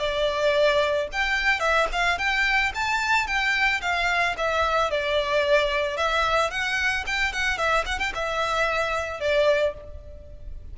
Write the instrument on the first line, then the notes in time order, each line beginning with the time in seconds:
violin
0.00 D5
1.13 G5
1.60 E5
1.93 F5
2.19 G5
2.75 A5
3.28 G5
3.82 F5
4.38 E5
4.91 D5
5.97 E5
6.51 F#5
7.07 G5
7.33 F#5
7.58 E5
7.86 F#5
8.00 G5
8.15 E5
9.21 D5